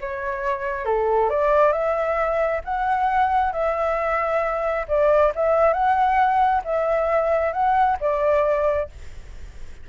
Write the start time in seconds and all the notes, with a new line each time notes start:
0.00 C#5
0.85 A4
1.29 D5
1.72 E5
2.64 F#5
3.52 E5
4.88 D5
5.35 E5
5.73 F#5
6.64 E5
7.53 F#5
8.00 D5